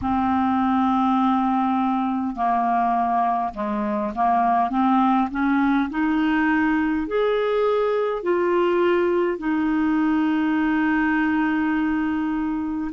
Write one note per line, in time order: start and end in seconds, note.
0.01 2.35 C4
2.35 3.53 A#3
3.53 4.12 G#3
4.15 4.70 A#3
4.70 5.28 C4
5.30 5.89 C#4
5.90 7.06 D#4
7.06 8.22 G#4
8.22 9.38 F4
9.38 12.91 D#4